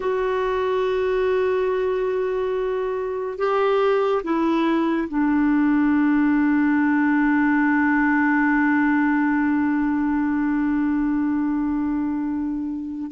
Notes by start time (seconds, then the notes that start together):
0.00 F#4
3.38 G4
4.23 E4
5.08 D4